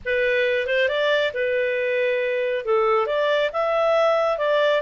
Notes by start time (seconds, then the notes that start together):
0.05 B4
0.66 C5
0.88 D5
1.33 B4
2.65 A4
3.06 D5
3.53 E5
4.38 D5